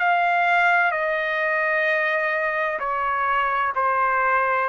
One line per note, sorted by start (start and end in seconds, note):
0.00 0.92 F5
0.92 2.80 D#5
2.80 3.74 C#5
3.76 4.70 C5